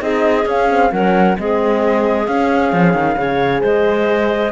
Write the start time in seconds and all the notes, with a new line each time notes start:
0.00 C4 D#4 G#4 D#5
0.46 C#4 F5
0.70 C4
0.92 F#3 C#4 A#4 F#5
1.37 G#3 C4 G#4 D#5
2.27 C#4 F5
2.73 F3
2.94 D#3
3.18 C#3 G#4 C#5
3.62 G#3 C5 D#5